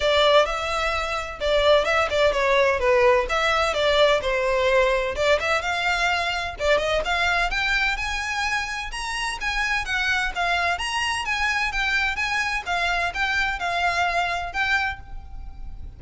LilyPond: \new Staff \with { instrumentName = "violin" } { \time 4/4 \tempo 4 = 128 d''4 e''2 d''4 | e''8 d''8 cis''4 b'4 e''4 | d''4 c''2 d''8 e''8 | f''2 d''8 dis''8 f''4 |
g''4 gis''2 ais''4 | gis''4 fis''4 f''4 ais''4 | gis''4 g''4 gis''4 f''4 | g''4 f''2 g''4 | }